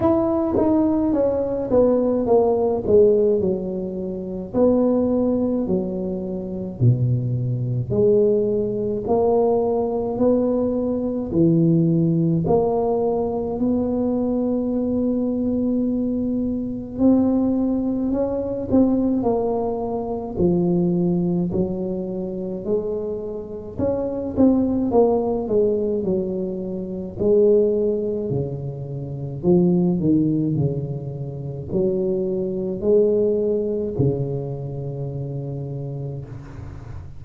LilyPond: \new Staff \with { instrumentName = "tuba" } { \time 4/4 \tempo 4 = 53 e'8 dis'8 cis'8 b8 ais8 gis8 fis4 | b4 fis4 b,4 gis4 | ais4 b4 e4 ais4 | b2. c'4 |
cis'8 c'8 ais4 f4 fis4 | gis4 cis'8 c'8 ais8 gis8 fis4 | gis4 cis4 f8 dis8 cis4 | fis4 gis4 cis2 | }